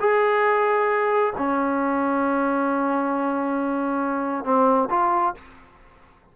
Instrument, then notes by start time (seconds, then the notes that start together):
trombone
0.00 G#4
1.37 C#4
4.44 C4
4.90 F4